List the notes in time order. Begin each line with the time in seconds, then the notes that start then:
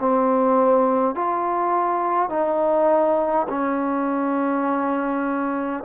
0.00 C4
1.16 F4
2.30 D#4
3.49 C#4